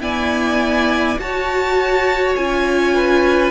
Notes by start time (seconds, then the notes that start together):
0.00 B3 E4 D5 G#5
1.19 F#4 C#5 A5
2.36 C#4 F4 G#5
2.95 B4